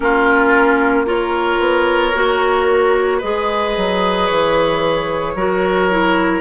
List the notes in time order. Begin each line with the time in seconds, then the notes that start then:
0.00 A#3 C#4 F4 A#4
1.05 F4 A#4 C#5
1.59 B3
2.14 A#3 F#4
3.18 G#3 G#4 B4 D#5
3.76 F#3
4.26 E3 C#5
5.35 F#3 F#4 A#4
5.90 E4